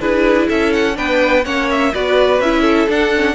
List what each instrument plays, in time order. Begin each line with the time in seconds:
0.00 cello D4, viola E4, violin G#4 B4
0.48 cello C#4, violin A4 E5
0.73 violin F#5
0.95 cello B3, viola D4, violin B4 G5
1.44 cello A#3, viola C#4, violin C#5 F#5
1.70 violin E5
1.94 cello B3, viola F#4, violin B4 D5
2.40 cello C#4, viola E4, violin E5
2.61 violin A4
2.88 viola D4, cello D4, violin F#5
3.15 viola C#4